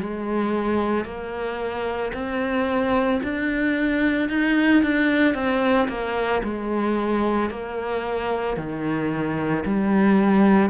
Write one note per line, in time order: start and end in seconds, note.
0.00 1.05 G#3
1.05 2.12 A#3
2.13 3.20 C4
3.23 4.29 D4
4.29 4.83 D#4
4.83 5.34 D4
5.34 5.88 C4
5.88 6.42 A#3
6.43 7.50 G#3
7.50 8.57 A#3
8.57 9.64 D#3
9.65 10.69 G3